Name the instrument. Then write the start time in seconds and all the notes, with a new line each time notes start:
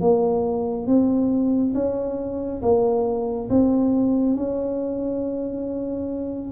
tuba
0.00 A#3
0.87 C4
1.74 C#4
2.62 A#3
3.49 C4
4.36 C#4